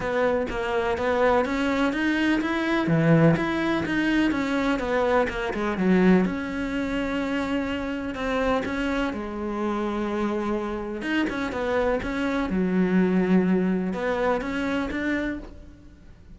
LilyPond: \new Staff \with { instrumentName = "cello" } { \time 4/4 \tempo 4 = 125 b4 ais4 b4 cis'4 | dis'4 e'4 e4 e'4 | dis'4 cis'4 b4 ais8 gis8 | fis4 cis'2.~ |
cis'4 c'4 cis'4 gis4~ | gis2. dis'8 cis'8 | b4 cis'4 fis2~ | fis4 b4 cis'4 d'4 | }